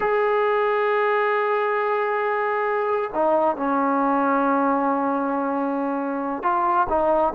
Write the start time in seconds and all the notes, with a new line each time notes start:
0.00 G#4
3.14 D#4
3.56 C#4
6.42 F4
6.89 D#4